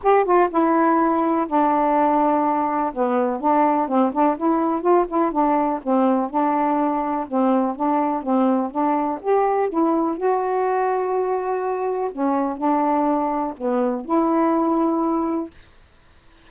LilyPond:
\new Staff \with { instrumentName = "saxophone" } { \time 4/4 \tempo 4 = 124 g'8 f'8 e'2 d'4~ | d'2 b4 d'4 | c'8 d'8 e'4 f'8 e'8 d'4 | c'4 d'2 c'4 |
d'4 c'4 d'4 g'4 | e'4 fis'2.~ | fis'4 cis'4 d'2 | b4 e'2. | }